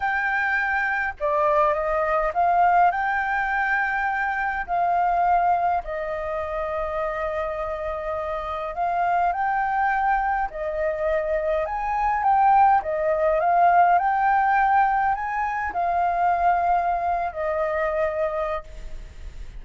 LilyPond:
\new Staff \with { instrumentName = "flute" } { \time 4/4 \tempo 4 = 103 g''2 d''4 dis''4 | f''4 g''2. | f''2 dis''2~ | dis''2. f''4 |
g''2 dis''2 | gis''4 g''4 dis''4 f''4 | g''2 gis''4 f''4~ | f''4.~ f''16 dis''2~ dis''16 | }